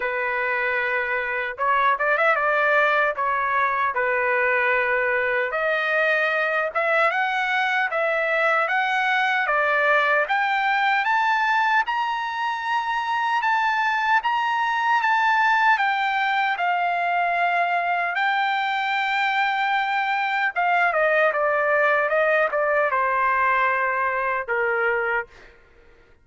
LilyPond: \new Staff \with { instrumentName = "trumpet" } { \time 4/4 \tempo 4 = 76 b'2 cis''8 d''16 e''16 d''4 | cis''4 b'2 dis''4~ | dis''8 e''8 fis''4 e''4 fis''4 | d''4 g''4 a''4 ais''4~ |
ais''4 a''4 ais''4 a''4 | g''4 f''2 g''4~ | g''2 f''8 dis''8 d''4 | dis''8 d''8 c''2 ais'4 | }